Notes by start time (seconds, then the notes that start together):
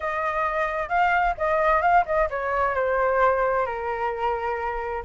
0.00 D#5
0.88 F5
1.37 D#5
1.81 F5
2.05 D#5
2.29 C#5
2.75 C5
3.65 A#4